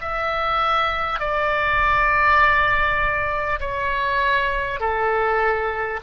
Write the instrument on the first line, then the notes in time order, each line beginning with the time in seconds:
oboe
0.00 E5
1.19 D5
3.59 C#5
4.80 A4